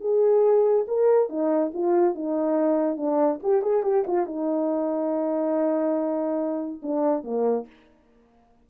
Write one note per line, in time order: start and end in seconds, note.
0.00 0.85 G#4
0.87 1.29 A#4
1.29 1.71 D#4
1.73 2.15 F4
2.15 2.97 D#4
2.97 3.39 D4
3.42 3.62 G4
3.62 3.83 G#4
3.83 4.04 G4
4.07 4.26 F4
4.26 6.81 D#4
6.82 7.23 D4
7.23 7.66 A#3